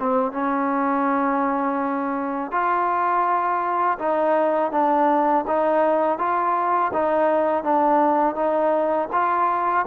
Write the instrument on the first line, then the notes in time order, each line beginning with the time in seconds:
trombone
0.00 C4
0.33 C#4
2.52 F4
3.99 D#4
4.72 D4
5.48 D#4
6.19 F4
6.94 D#4
7.64 D4
8.36 D#4
9.13 F4